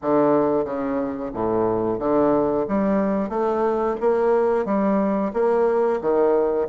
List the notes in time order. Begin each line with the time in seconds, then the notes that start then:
0.02 D3
0.64 C#3
1.33 A2
1.99 D3
2.68 G3
3.29 A3
4.00 A#3
4.65 G3
5.33 A#3
6.01 D#3